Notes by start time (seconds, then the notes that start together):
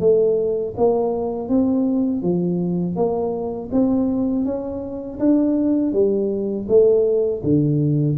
0.00 A3
0.77 A#3
1.48 C4
2.22 F3
2.96 A#3
3.72 C4
4.45 C#4
5.19 D4
5.93 G3
6.68 A3
7.43 D3